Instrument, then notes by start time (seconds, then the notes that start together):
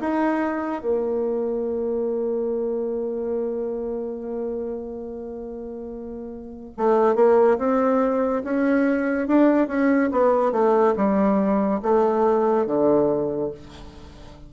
bassoon
0.00 D#4
0.81 A#3
6.77 A3
7.15 A#3
7.58 C4
8.44 C#4
9.28 D4
9.68 C#4
10.12 B3
10.52 A3
10.96 G3
11.82 A3
12.66 D3